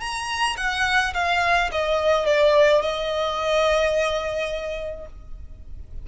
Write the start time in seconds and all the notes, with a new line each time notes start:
0.00 A#5
0.57 F#5
1.14 F5
1.71 D#5
2.25 D5
2.82 D#5